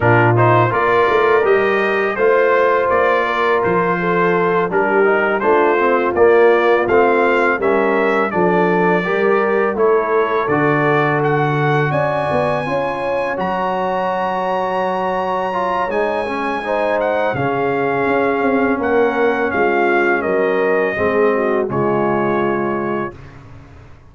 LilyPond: <<
  \new Staff \with { instrumentName = "trumpet" } { \time 4/4 \tempo 4 = 83 ais'8 c''8 d''4 dis''4 c''4 | d''4 c''4. ais'4 c''8~ | c''8 d''4 f''4 e''4 d''8~ | d''4. cis''4 d''4 fis''8~ |
fis''8 gis''2 ais''4.~ | ais''2 gis''4. fis''8 | f''2 fis''4 f''4 | dis''2 cis''2 | }
  \new Staff \with { instrumentName = "horn" } { \time 4/4 f'4 ais'2 c''4~ | c''8 ais'4 a'4 g'4 f'8~ | f'2~ f'8 ais'4 a'8~ | a'8 ais'4 a'2~ a'8~ |
a'8 d''4 cis''2~ cis''8~ | cis''2. c''4 | gis'2 ais'4 f'4 | ais'4 gis'8 fis'8 f'2 | }
  \new Staff \with { instrumentName = "trombone" } { \time 4/4 d'8 dis'8 f'4 g'4 f'4~ | f'2~ f'8 d'8 dis'8 d'8 | c'8 ais4 c'4 cis'4 d'8~ | d'8 g'4 e'4 fis'4.~ |
fis'4. f'4 fis'4.~ | fis'4. f'8 dis'8 cis'8 dis'4 | cis'1~ | cis'4 c'4 gis2 | }
  \new Staff \with { instrumentName = "tuba" } { \time 4/4 ais,4 ais8 a8 g4 a4 | ais4 f4. g4 a8~ | a8 ais4 a4 g4 f8~ | f8 g4 a4 d4.~ |
d8 cis'8 b8 cis'4 fis4.~ | fis2 gis2 | cis4 cis'8 c'8 ais4 gis4 | fis4 gis4 cis2 | }
>>